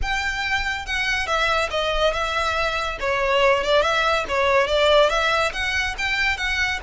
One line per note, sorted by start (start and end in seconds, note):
0.01 0.85 G5
0.85 1.26 F#5
1.26 1.69 E5
1.70 2.13 D#5
2.13 2.98 E5
3.00 3.63 C#5
3.63 3.82 D5
3.82 4.24 E5
4.28 4.67 C#5
4.67 5.09 D5
5.09 5.52 E5
5.52 5.95 F#5
5.98 6.37 G5
6.37 6.79 F#5